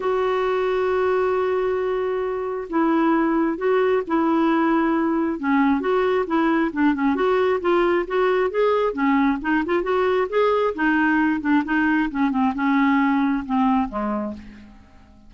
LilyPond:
\new Staff \with { instrumentName = "clarinet" } { \time 4/4 \tempo 4 = 134 fis'1~ | fis'2 e'2 | fis'4 e'2. | cis'4 fis'4 e'4 d'8 cis'8 |
fis'4 f'4 fis'4 gis'4 | cis'4 dis'8 f'8 fis'4 gis'4 | dis'4. d'8 dis'4 cis'8 c'8 | cis'2 c'4 gis4 | }